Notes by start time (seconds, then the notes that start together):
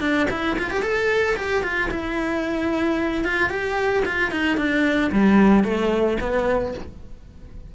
0.00 D4
0.30 E4
0.58 F4
0.70 G4
0.82 A4
1.36 G4
1.63 F4
1.91 E4
3.24 F4
3.49 G4
4.05 F4
4.31 D#4
4.57 D4
5.12 G3
5.64 A3
6.20 B3